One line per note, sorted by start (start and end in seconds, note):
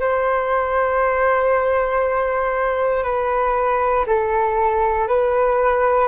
0.00 3.03 C5
3.03 4.05 B4
4.06 5.08 A4
5.08 6.08 B4